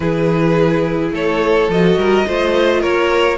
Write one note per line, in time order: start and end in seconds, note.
0.00 1.11 E3
0.00 1.69 E4
0.00 1.13 G#4
0.00 1.11 B4
1.11 1.68 A3
1.11 1.98 A4
1.11 1.71 C#5
1.68 1.97 F3
1.68 2.26 F#4
1.68 2.82 D#5
1.97 2.25 G3
1.97 2.26 A#4
2.26 2.83 A3
2.26 3.37 F4
2.26 2.80 C5
2.80 3.37 A#3
2.80 3.37 A#4
2.80 3.37 C#5